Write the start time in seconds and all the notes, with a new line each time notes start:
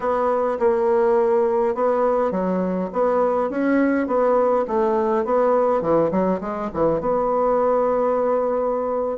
0.00 B3
0.59 A#3
1.74 B3
2.31 F#3
2.93 B3
3.50 C#4
4.07 B3
4.67 A3
5.25 B3
5.81 E3
6.11 F#3
6.41 G#3
6.73 E3
7.00 B3